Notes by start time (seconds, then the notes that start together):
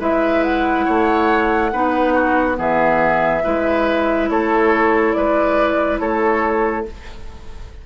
0.00 G#3 E4 B4 E5
0.44 F#5
0.86 A3 C#5
1.73 B3 D#4 B4
2.14 F#4
2.55 E3 B3 G#4
2.61 E5
3.44 G#3 E4 B4
4.30 A3 A4 C#5
5.13 G#3 B4 D5
6.00 A3 A4 C#5